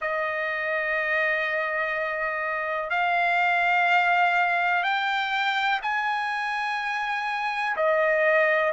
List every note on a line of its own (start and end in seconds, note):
0.01 2.90 D#5
2.90 4.83 F5
4.83 5.79 G5
5.82 7.76 G#5
7.76 8.73 D#5